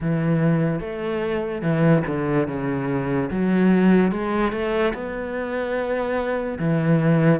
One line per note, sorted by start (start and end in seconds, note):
0.00 0.80 E3
0.80 1.61 A3
1.61 2.02 E3
2.06 2.47 D3
2.47 3.30 C#3
3.30 4.11 F#3
4.11 4.52 G#3
4.52 4.93 A3
4.94 6.58 B3
6.59 7.40 E3